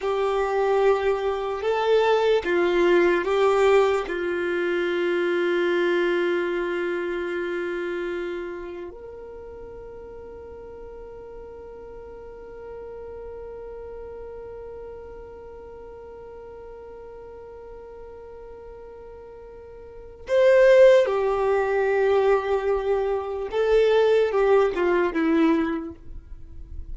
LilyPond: \new Staff \with { instrumentName = "violin" } { \time 4/4 \tempo 4 = 74 g'2 a'4 f'4 | g'4 f'2.~ | f'2. ais'4~ | ais'1~ |
ais'1~ | ais'1~ | ais'4 c''4 g'2~ | g'4 a'4 g'8 f'8 e'4 | }